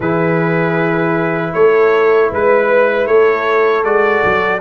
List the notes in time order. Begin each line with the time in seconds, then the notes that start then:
0.00 E3 E4 G#4 B4
1.53 A3 A4 C#5
2.30 G#3 B4
3.06 A3 A4 C#5
3.83 G#3 F#4 D5
4.24 F#3